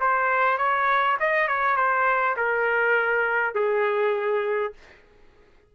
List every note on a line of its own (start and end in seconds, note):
0.00 0.58 C5
0.58 1.17 C#5
1.20 1.47 D#5
1.47 1.76 C#5
1.76 2.35 C5
2.36 3.54 A#4
3.54 4.73 G#4